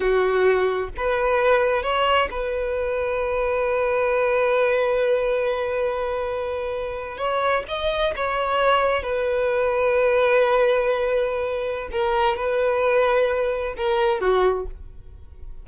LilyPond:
\new Staff \with { instrumentName = "violin" } { \time 4/4 \tempo 4 = 131 fis'2 b'2 | cis''4 b'2.~ | b'1~ | b'2.~ b'8. cis''16~ |
cis''8. dis''4 cis''2 b'16~ | b'1~ | b'2 ais'4 b'4~ | b'2 ais'4 fis'4 | }